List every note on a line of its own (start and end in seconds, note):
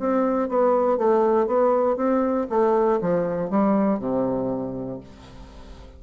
0.00 0.49 C4
0.49 0.98 B3
0.98 1.47 A3
1.47 1.97 B3
1.97 2.48 C4
2.50 3.00 A3
3.02 3.51 F3
3.51 3.99 G3
3.99 5.00 C3